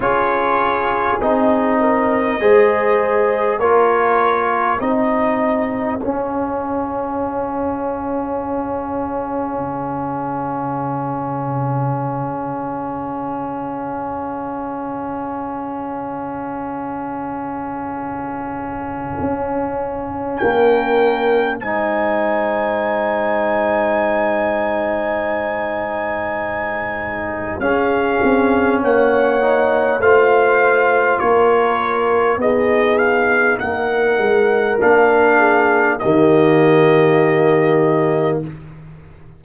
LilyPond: <<
  \new Staff \with { instrumentName = "trumpet" } { \time 4/4 \tempo 4 = 50 cis''4 dis''2 cis''4 | dis''4 f''2.~ | f''1~ | f''1~ |
f''4 g''4 gis''2~ | gis''2. f''4 | fis''4 f''4 cis''4 dis''8 f''8 | fis''4 f''4 dis''2 | }
  \new Staff \with { instrumentName = "horn" } { \time 4/4 gis'4. ais'8 c''4 ais'4 | gis'1~ | gis'1~ | gis'1~ |
gis'4 ais'4 c''2~ | c''2. gis'4 | cis''4 c''4 ais'4 gis'4 | ais'4. gis'8 g'2 | }
  \new Staff \with { instrumentName = "trombone" } { \time 4/4 f'4 dis'4 gis'4 f'4 | dis'4 cis'2.~ | cis'1~ | cis'1~ |
cis'2 dis'2~ | dis'2. cis'4~ | cis'8 dis'8 f'2 dis'4~ | dis'4 d'4 ais2 | }
  \new Staff \with { instrumentName = "tuba" } { \time 4/4 cis'4 c'4 gis4 ais4 | c'4 cis'2. | cis1~ | cis1 |
cis'4 ais4 gis2~ | gis2. cis'8 c'8 | ais4 a4 ais4 b4 | ais8 gis8 ais4 dis2 | }
>>